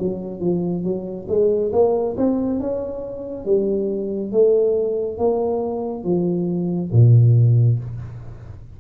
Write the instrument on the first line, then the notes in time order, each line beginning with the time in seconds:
tuba
0.00 F#3
0.40 F3
0.83 F#3
1.28 G#3
1.73 A#3
2.17 C4
2.60 C#4
3.45 G3
4.32 A3
5.18 A#3
6.04 F3
6.92 A#2